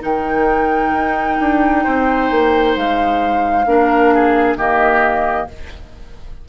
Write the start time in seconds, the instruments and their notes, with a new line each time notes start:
0.00 bassoon D#3, clarinet D#4, oboe A#4, flute G5
0.93 bassoon D#4
1.39 bassoon D4
1.83 bassoon C4, oboe C5
2.30 bassoon A#3
2.75 bassoon G#3, flute F5
3.65 bassoon A#3, clarinet D4, oboe A#4
4.14 oboe G#4
4.56 bassoon D#3, clarinet A#3, oboe G4, flute D#5